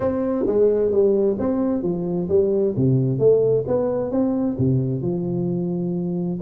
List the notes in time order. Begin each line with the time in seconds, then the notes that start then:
0.00 C4
0.46 G#3
0.91 G3
1.38 C4
1.82 F3
2.29 G3
2.76 C3
3.18 A3
3.67 B3
4.11 C4
4.58 C3
5.01 F3